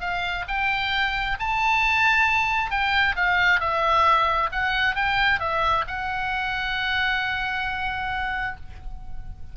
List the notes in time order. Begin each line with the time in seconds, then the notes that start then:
0.00 F5
0.48 G5
1.39 A5
2.70 G5
3.16 F5
3.60 E5
4.52 F#5
4.95 G5
5.40 E5
5.87 F#5